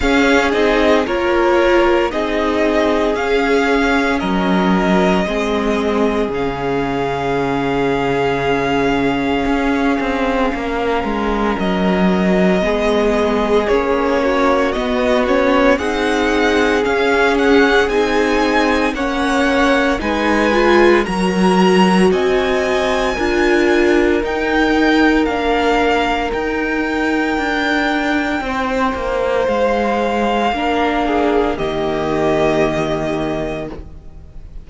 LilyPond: <<
  \new Staff \with { instrumentName = "violin" } { \time 4/4 \tempo 4 = 57 f''8 dis''8 cis''4 dis''4 f''4 | dis''2 f''2~ | f''2. dis''4~ | dis''4 cis''4 dis''8 cis''8 fis''4 |
f''8 fis''8 gis''4 fis''4 gis''4 | ais''4 gis''2 g''4 | f''4 g''2. | f''2 dis''2 | }
  \new Staff \with { instrumentName = "violin" } { \time 4/4 gis'4 ais'4 gis'2 | ais'4 gis'2.~ | gis'2 ais'2 | gis'4. fis'4. gis'4~ |
gis'2 cis''4 b'4 | ais'4 dis''4 ais'2~ | ais'2. c''4~ | c''4 ais'8 gis'8 g'2 | }
  \new Staff \with { instrumentName = "viola" } { \time 4/4 cis'8 dis'8 f'4 dis'4 cis'4~ | cis'4 c'4 cis'2~ | cis'1 | b4 cis'4 b8 cis'8 dis'4 |
cis'4 dis'4 cis'4 dis'8 f'8 | fis'2 f'4 dis'4 | d'4 dis'2.~ | dis'4 d'4 ais2 | }
  \new Staff \with { instrumentName = "cello" } { \time 4/4 cis'8 c'8 ais4 c'4 cis'4 | fis4 gis4 cis2~ | cis4 cis'8 c'8 ais8 gis8 fis4 | gis4 ais4 b4 c'4 |
cis'4 c'4 ais4 gis4 | fis4 c'4 d'4 dis'4 | ais4 dis'4 d'4 c'8 ais8 | gis4 ais4 dis2 | }
>>